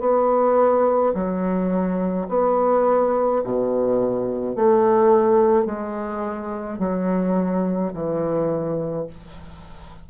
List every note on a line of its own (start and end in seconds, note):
0.00 1.13 B3
1.14 2.27 F#3
2.29 3.42 B3
3.44 4.55 B2
4.55 5.66 A3
5.66 6.79 G#3
6.79 7.92 F#3
7.93 9.07 E3